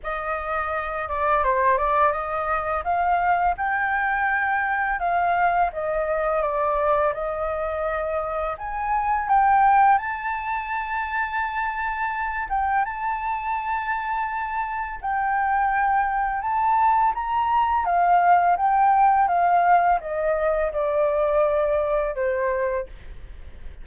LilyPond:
\new Staff \with { instrumentName = "flute" } { \time 4/4 \tempo 4 = 84 dis''4. d''8 c''8 d''8 dis''4 | f''4 g''2 f''4 | dis''4 d''4 dis''2 | gis''4 g''4 a''2~ |
a''4. g''8 a''2~ | a''4 g''2 a''4 | ais''4 f''4 g''4 f''4 | dis''4 d''2 c''4 | }